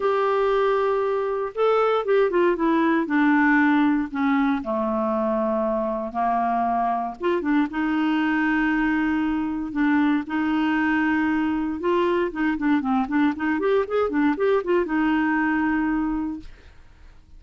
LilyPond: \new Staff \with { instrumentName = "clarinet" } { \time 4/4 \tempo 4 = 117 g'2. a'4 | g'8 f'8 e'4 d'2 | cis'4 a2. | ais2 f'8 d'8 dis'4~ |
dis'2. d'4 | dis'2. f'4 | dis'8 d'8 c'8 d'8 dis'8 g'8 gis'8 d'8 | g'8 f'8 dis'2. | }